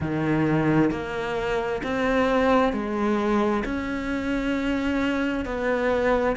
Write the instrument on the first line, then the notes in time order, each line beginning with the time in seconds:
cello
0.00 D#3
0.90 A#3
1.83 C4
2.72 G#3
3.64 C#4
5.45 B3